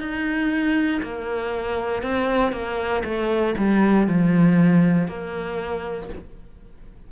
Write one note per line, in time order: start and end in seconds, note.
0.00 1.02 D#4
1.03 2.02 A#3
2.02 2.52 C4
2.52 3.03 A#3
3.04 3.55 A3
3.58 4.07 G3
4.07 5.08 F3
5.08 6.10 A#3